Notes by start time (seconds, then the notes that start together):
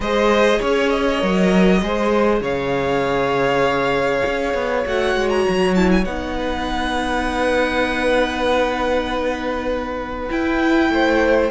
0.00 G#3 G#4 C5 D#5
0.58 C#4 C#5
0.90 D#5
1.19 F#3 A#4
1.82 G#3 G#4 C5
2.40 C#3 C#5 F5
4.26 C#4
4.54 B3
4.86 A3 F#4 F#5
5.15 G#3
5.29 A#5
5.48 F#3
5.74 E4 A5
5.91 G#5
6.05 B3 D#4 F#5
6.36 B4
10.29 E4 G5
10.89 A3 C5